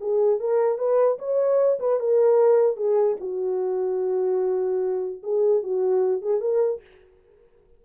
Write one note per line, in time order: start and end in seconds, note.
0.00 0.40 G#4
0.40 0.78 A#4
0.78 1.18 B4
1.18 1.79 C#5
1.79 2.00 B4
2.00 2.76 A#4
2.76 3.16 G#4
3.20 5.21 F#4
5.23 5.63 G#4
5.63 6.22 F#4
6.22 6.41 G#4
6.41 6.81 A#4